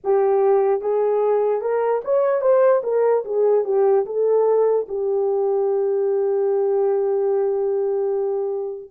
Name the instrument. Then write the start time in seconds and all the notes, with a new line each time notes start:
horn
0.04 G4
0.81 G#4
1.61 A#4
2.04 C#5
2.41 C5
2.83 A#4
3.24 G#4
3.64 G4
4.05 A4
4.88 G4